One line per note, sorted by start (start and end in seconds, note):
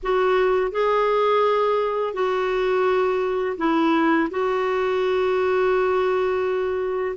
0.02 0.71 F#4
0.71 2.13 G#4
2.13 3.56 F#4
3.57 4.29 E4
4.30 7.16 F#4